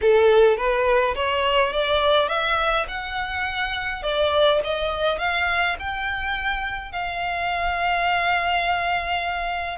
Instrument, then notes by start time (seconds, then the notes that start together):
violin
0.01 A4
0.57 B4
1.15 C#5
1.72 D5
2.28 E5
2.88 F#5
4.02 D5
4.63 D#5
5.18 F5
5.78 G5
6.92 F5